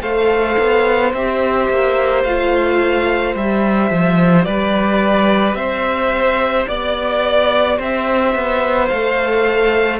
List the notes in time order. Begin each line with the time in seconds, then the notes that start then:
0.00 A3 A4 C5 F5
0.58 B3
1.13 C4 G4 E5
1.69 A#3
2.24 A3 F4 F5
3.35 G3 G4 E5
3.91 F3
4.44 G3 B4 D5
5.55 C4 C5 E5
6.68 B3 D5
7.78 C4 C5 E5
8.35 B3
8.88 A3 A4 F5